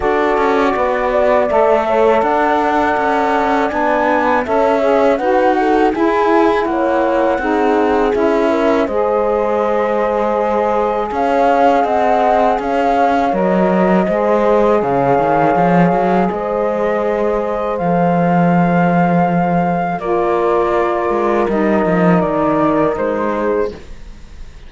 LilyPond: <<
  \new Staff \with { instrumentName = "flute" } { \time 4/4 \tempo 4 = 81 d''2 e''4 fis''4~ | fis''4 gis''4 e''4 fis''4 | gis''4 fis''2 e''4 | dis''2. f''4 |
fis''4 f''4 dis''2 | f''2 dis''2 | f''2. d''4~ | d''4 dis''4 d''4 c''4 | }
  \new Staff \with { instrumentName = "horn" } { \time 4/4 a'4 b'8 d''4 cis''8 d''4~ | d''2 cis''4 b'8 a'8 | gis'4 cis''4 gis'4. ais'8 | c''2. cis''4 |
dis''4 cis''2 c''4 | cis''2 c''2~ | c''2. ais'4~ | ais'2.~ ais'8 gis'8 | }
  \new Staff \with { instrumentName = "saxophone" } { \time 4/4 fis'2 a'2~ | a'4 d'4 a'8 gis'8 fis'4 | e'2 dis'4 e'4 | gis'1~ |
gis'2 ais'4 gis'4~ | gis'1 | a'2. f'4~ | f'4 dis'2. | }
  \new Staff \with { instrumentName = "cello" } { \time 4/4 d'8 cis'8 b4 a4 d'4 | cis'4 b4 cis'4 dis'4 | e'4 ais4 c'4 cis'4 | gis2. cis'4 |
c'4 cis'4 fis4 gis4 | cis8 dis8 f8 fis8 gis2 | f2. ais4~ | ais8 gis8 g8 f8 dis4 gis4 | }
>>